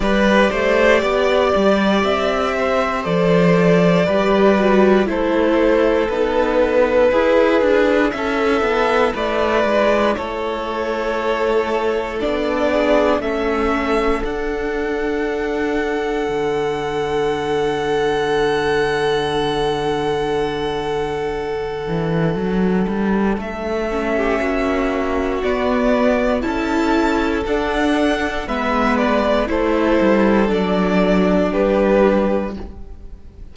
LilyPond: <<
  \new Staff \with { instrumentName = "violin" } { \time 4/4 \tempo 4 = 59 d''2 e''4 d''4~ | d''4 c''4 b'2 | e''4 d''4 cis''2 | d''4 e''4 fis''2~ |
fis''1~ | fis''2. e''4~ | e''4 d''4 a''4 fis''4 | e''8 d''8 c''4 d''4 b'4 | }
  \new Staff \with { instrumentName = "violin" } { \time 4/4 b'8 c''8 d''4. c''4. | b'4 a'2 gis'4 | a'4 b'4 a'2~ | a'8 gis'8 a'2.~ |
a'1~ | a'2.~ a'8. g'16 | fis'2 a'2 | b'4 a'2 g'4 | }
  \new Staff \with { instrumentName = "viola" } { \time 4/4 g'2. a'4 | g'8 fis'8 e'4 dis'4 e'4~ | e'1 | d'4 cis'4 d'2~ |
d'1~ | d'2.~ d'8 cis'8~ | cis'4 b4 e'4 d'4 | b4 e'4 d'2 | }
  \new Staff \with { instrumentName = "cello" } { \time 4/4 g8 a8 b8 g8 c'4 f4 | g4 a4 b4 e'8 d'8 | cis'8 b8 a8 gis8 a2 | b4 a4 d'2 |
d1~ | d4. e8 fis8 g8 a4 | ais4 b4 cis'4 d'4 | gis4 a8 g8 fis4 g4 | }
>>